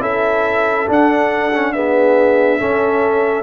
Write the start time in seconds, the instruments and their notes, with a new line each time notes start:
0.00 tuba C#4, trombone E4, horn A4, trumpet E5
0.87 trombone D4, tuba D4, trumpet F#5
1.53 trombone C#4
1.73 trombone B3, horn G#4, trumpet E5
2.59 trombone C#4, tuba C#4, horn A4